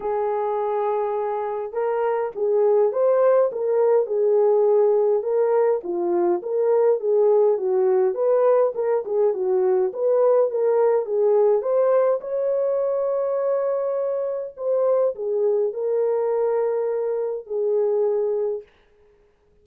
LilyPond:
\new Staff \with { instrumentName = "horn" } { \time 4/4 \tempo 4 = 103 gis'2. ais'4 | gis'4 c''4 ais'4 gis'4~ | gis'4 ais'4 f'4 ais'4 | gis'4 fis'4 b'4 ais'8 gis'8 |
fis'4 b'4 ais'4 gis'4 | c''4 cis''2.~ | cis''4 c''4 gis'4 ais'4~ | ais'2 gis'2 | }